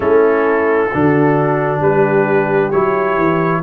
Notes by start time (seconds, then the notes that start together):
0.00 A3 C#4 E4 A4
0.90 D3 D4 F#4
1.80 G3 G4 B4
2.70 F#3 E4 C#5
3.17 E3